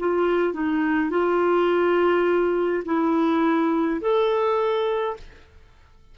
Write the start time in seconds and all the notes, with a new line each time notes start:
0.00 F4
0.54 D#4
1.11 F4
2.85 E4
4.01 A4